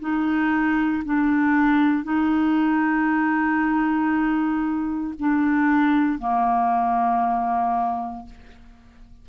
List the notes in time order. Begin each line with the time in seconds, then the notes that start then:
0.00 D#4
1.05 D4
2.04 D#4
5.20 D4
6.19 A#3